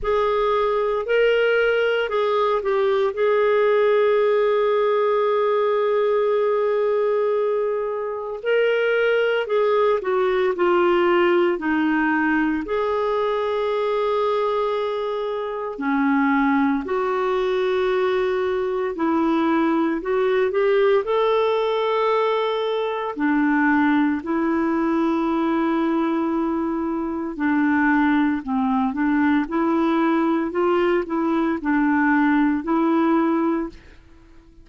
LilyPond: \new Staff \with { instrumentName = "clarinet" } { \time 4/4 \tempo 4 = 57 gis'4 ais'4 gis'8 g'8 gis'4~ | gis'1 | ais'4 gis'8 fis'8 f'4 dis'4 | gis'2. cis'4 |
fis'2 e'4 fis'8 g'8 | a'2 d'4 e'4~ | e'2 d'4 c'8 d'8 | e'4 f'8 e'8 d'4 e'4 | }